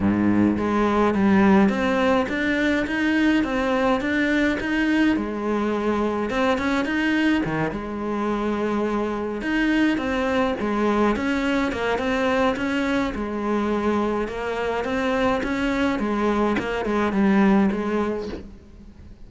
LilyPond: \new Staff \with { instrumentName = "cello" } { \time 4/4 \tempo 4 = 105 gis,4 gis4 g4 c'4 | d'4 dis'4 c'4 d'4 | dis'4 gis2 c'8 cis'8 | dis'4 dis8 gis2~ gis8~ |
gis8 dis'4 c'4 gis4 cis'8~ | cis'8 ais8 c'4 cis'4 gis4~ | gis4 ais4 c'4 cis'4 | gis4 ais8 gis8 g4 gis4 | }